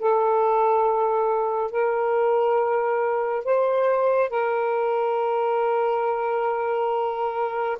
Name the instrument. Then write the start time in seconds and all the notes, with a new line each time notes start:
saxophone
0.00 A4
1.71 A#4
3.45 C5
4.30 A#4